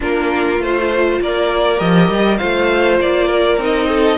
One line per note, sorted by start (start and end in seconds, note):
0.00 0.60 A#3
0.00 0.57 D4
0.00 1.20 F4
0.00 0.61 A#4
0.57 1.20 A3
0.57 1.77 F4
0.57 1.21 C5
1.20 1.80 A#3
1.20 2.38 A#4
1.20 1.79 D5
1.77 2.08 F3
1.77 2.37 G4
1.77 2.37 D#5
2.08 2.38 G3
2.37 2.99 A3
2.37 3.59 F4
2.37 3.27 C5
2.37 2.97 F5
2.99 3.57 A#3
2.99 3.60 D5
3.27 3.87 A#4
3.57 4.17 C4
3.57 4.17 D#4
3.64 4.17 D#5
3.88 4.17 A4